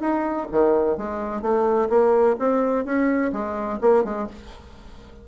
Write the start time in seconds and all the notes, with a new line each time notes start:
0.00 D#4
0.51 D#3
0.97 G#3
1.42 A3
1.89 A#3
2.39 C4
2.85 C#4
3.32 G#3
3.81 A#3
4.04 G#3